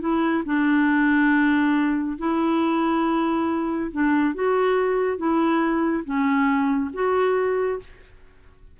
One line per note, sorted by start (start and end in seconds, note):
0.00 0.43 E4
0.45 2.18 D4
2.18 3.91 E4
3.91 4.34 D4
4.34 5.17 F#4
5.17 6.04 E4
6.04 6.91 C#4
6.93 7.80 F#4